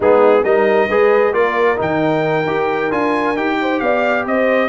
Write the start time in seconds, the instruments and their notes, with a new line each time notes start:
0.00 tuba G#3, trombone B3, horn D#4, trumpet G#4
0.43 tuba G3, trombone D#4, horn A#4, trumpet D#5
0.89 tuba G#3, trombone G#4, horn B4
1.33 tuba A#3, trombone F4, horn A#4, trumpet D5
1.76 tuba D#3, trombone D#4, trumpet G5
2.46 tuba D#4, trombone G4
2.91 tuba D4, trombone F4, trumpet G#5
3.35 tuba D#4, trombone G4, trumpet G5
3.61 horn C5
3.79 tuba B3, horn D5, trumpet F5
4.26 tuba C4, horn C5, trumpet D#5